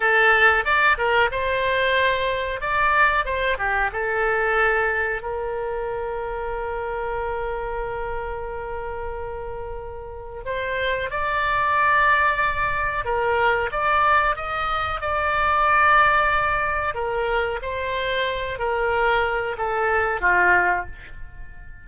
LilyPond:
\new Staff \with { instrumentName = "oboe" } { \time 4/4 \tempo 4 = 92 a'4 d''8 ais'8 c''2 | d''4 c''8 g'8 a'2 | ais'1~ | ais'1 |
c''4 d''2. | ais'4 d''4 dis''4 d''4~ | d''2 ais'4 c''4~ | c''8 ais'4. a'4 f'4 | }